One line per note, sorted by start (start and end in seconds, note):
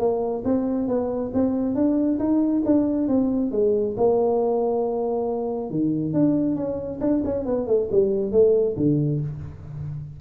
0.00 0.44 A#3
0.45 0.88 C4
0.88 1.32 B3
1.34 1.75 C4
1.75 2.19 D4
2.19 2.63 D#4
2.66 3.08 D4
3.08 3.52 C4
3.52 3.96 G#3
3.97 5.71 A#3
5.71 6.14 D#3
6.14 6.56 D4
6.56 7.00 C#4
7.01 7.23 D4
7.25 7.46 C#4
7.46 7.67 B3
7.67 7.89 A3
7.92 8.32 G3
8.32 8.76 A3
8.77 9.21 D3